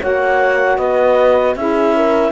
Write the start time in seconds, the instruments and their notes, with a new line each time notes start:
0.00 cello A#3, saxophone F#4, horn C#5, clarinet F#5
0.77 cello B3, horn B4, clarinet D#5
1.55 cello C#4, saxophone E4, horn G#4, clarinet E5
1.96 horn A#4